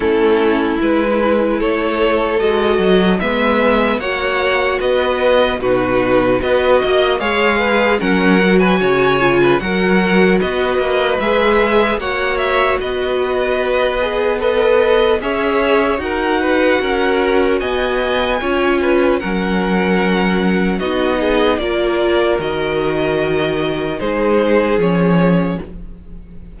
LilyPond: <<
  \new Staff \with { instrumentName = "violin" } { \time 4/4 \tempo 4 = 75 a'4 b'4 cis''4 dis''4 | e''4 fis''4 dis''4 b'4 | dis''4 f''4 fis''8. gis''4~ gis''16 | fis''4 dis''4 e''4 fis''8 e''8 |
dis''2 b'4 e''4 | fis''2 gis''2 | fis''2 dis''4 d''4 | dis''2 c''4 cis''4 | }
  \new Staff \with { instrumentName = "violin" } { \time 4/4 e'2 a'2 | b'4 cis''4 b'4 fis'4 | b'8 dis''8 cis''8 b'8 ais'8. b'16 cis''8. b'16 | ais'4 b'2 cis''4 |
b'2 dis''4 cis''4 | ais'8 b'8 ais'4 dis''4 cis''8 b'8 | ais'2 fis'8 gis'8 ais'4~ | ais'2 gis'2 | }
  \new Staff \with { instrumentName = "viola" } { \time 4/4 cis'4 e'2 fis'4 | b4 fis'2 dis'4 | fis'4 gis'4 cis'8 fis'4 f'8 | fis'2 gis'4 fis'4~ |
fis'4. gis'8 a'4 gis'4 | fis'2. f'4 | cis'2 dis'4 f'4 | fis'2 dis'4 cis'4 | }
  \new Staff \with { instrumentName = "cello" } { \time 4/4 a4 gis4 a4 gis8 fis8 | gis4 ais4 b4 b,4 | b8 ais8 gis4 fis4 cis4 | fis4 b8 ais8 gis4 ais4 |
b2. cis'4 | dis'4 cis'4 b4 cis'4 | fis2 b4 ais4 | dis2 gis4 f4 | }
>>